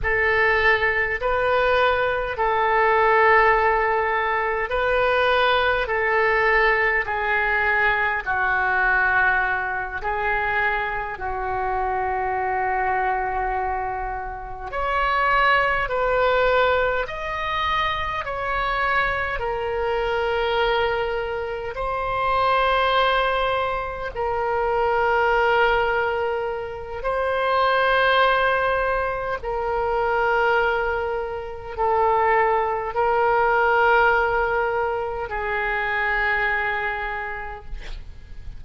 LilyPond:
\new Staff \with { instrumentName = "oboe" } { \time 4/4 \tempo 4 = 51 a'4 b'4 a'2 | b'4 a'4 gis'4 fis'4~ | fis'8 gis'4 fis'2~ fis'8~ | fis'8 cis''4 b'4 dis''4 cis''8~ |
cis''8 ais'2 c''4.~ | c''8 ais'2~ ais'8 c''4~ | c''4 ais'2 a'4 | ais'2 gis'2 | }